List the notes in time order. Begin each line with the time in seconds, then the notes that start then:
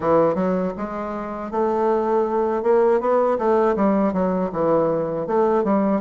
0.00 E3
0.34 F#3
0.77 G#3
1.51 A3
2.62 A#3
3.00 B3
3.38 A3
3.75 G3
4.12 F#3
4.52 E3
5.26 A3
5.64 G3